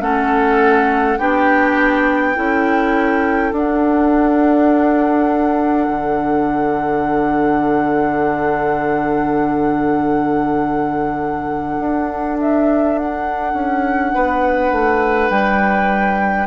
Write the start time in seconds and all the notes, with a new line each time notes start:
0.00 A3 C#4 A4 F#5
1.17 B3 D4 G4 G5
2.35 C#4 E4 A4
3.52 D4 F#5
5.88 D3
11.79 D4
12.40 E5
12.98 F#5
13.53 C#4
14.14 B3 B4
14.71 A3
15.29 G3 G5